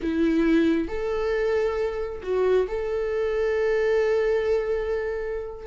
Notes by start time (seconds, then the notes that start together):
0.02 E4
0.88 A4
2.22 F#4
2.68 A4